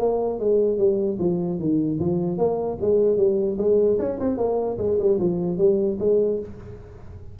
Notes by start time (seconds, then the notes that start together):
0.00 A#3
0.40 G#3
0.78 G3
1.19 F3
1.59 D#3
2.00 F3
2.38 A#3
2.81 G#3
3.17 G3
3.58 G#3
4.00 C#4
4.20 C4
4.38 A#3
4.78 G#3
4.99 G3
5.20 F3
5.58 G3
6.00 G#3